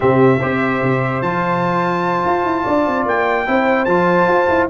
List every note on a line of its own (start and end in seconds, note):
0.00 0.42 C3
0.00 0.39 C4
0.00 0.39 G4
0.00 1.22 E5
0.39 0.82 C4
0.39 1.23 G4
0.39 2.63 C5
0.82 1.22 C3
1.22 2.24 F3
1.22 3.46 F4
1.22 3.05 A5
2.25 2.44 F4
2.44 2.64 E4
2.63 2.87 D4
2.63 3.45 D5
2.87 3.05 C4
3.05 3.46 A#3
3.05 3.85 G5
3.46 3.86 C4
3.46 3.87 E4
3.46 4.70 C5
3.85 4.27 F3
3.85 4.70 F4
3.85 4.66 A5
4.27 4.48 F4
4.48 4.69 E4